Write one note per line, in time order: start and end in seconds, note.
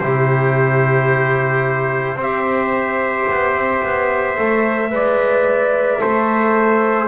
0.00 2.16 C3
0.00 2.20 E4
0.00 2.17 G4
0.00 2.19 C5
2.16 3.25 C4
2.16 4.37 G4
2.16 4.90 C5
2.22 7.08 E5
3.31 3.56 B3
3.56 3.83 C4
3.83 4.38 B3
4.37 4.93 A3
4.37 4.91 A4
4.91 6.02 G#3
4.91 6.00 B4
4.91 6.02 D5
6.00 7.08 A3
6.00 7.08 A4
6.00 7.08 C5